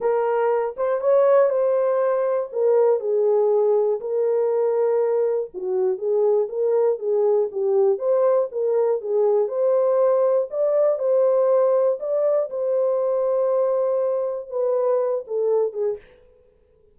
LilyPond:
\new Staff \with { instrumentName = "horn" } { \time 4/4 \tempo 4 = 120 ais'4. c''8 cis''4 c''4~ | c''4 ais'4 gis'2 | ais'2. fis'4 | gis'4 ais'4 gis'4 g'4 |
c''4 ais'4 gis'4 c''4~ | c''4 d''4 c''2 | d''4 c''2.~ | c''4 b'4. a'4 gis'8 | }